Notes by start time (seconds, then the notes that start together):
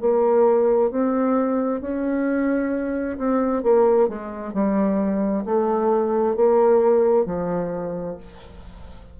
0.00 A#3
0.90 C4
1.81 C#4
3.18 C4
3.63 A#3
4.08 G#3
4.53 G3
5.45 A3
6.36 A#3
7.25 F3